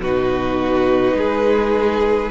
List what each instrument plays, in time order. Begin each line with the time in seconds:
0.00 cello B2, viola D#4, violin F#4 B4
1.14 cello G#3, violin G#4